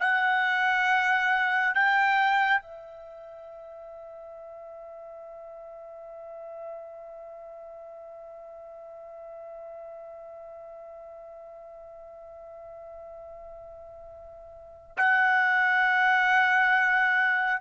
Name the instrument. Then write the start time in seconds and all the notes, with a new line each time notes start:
trumpet
0.00 F#5
1.74 G5
2.61 E5
14.97 F#5